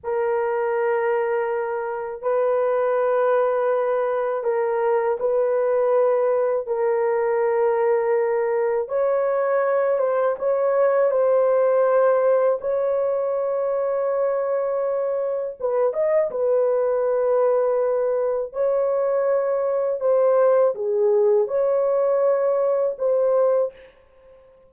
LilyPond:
\new Staff \with { instrumentName = "horn" } { \time 4/4 \tempo 4 = 81 ais'2. b'4~ | b'2 ais'4 b'4~ | b'4 ais'2. | cis''4. c''8 cis''4 c''4~ |
c''4 cis''2.~ | cis''4 b'8 dis''8 b'2~ | b'4 cis''2 c''4 | gis'4 cis''2 c''4 | }